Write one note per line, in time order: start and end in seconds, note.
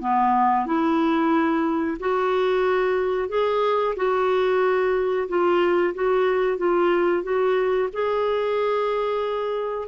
0.00 0.65 B3
0.65 1.97 E4
1.99 3.28 F#4
3.28 3.94 G#4
3.96 5.27 F#4
5.28 5.94 F4
5.94 6.57 F#4
6.57 7.23 F4
7.23 7.89 F#4
7.92 9.88 G#4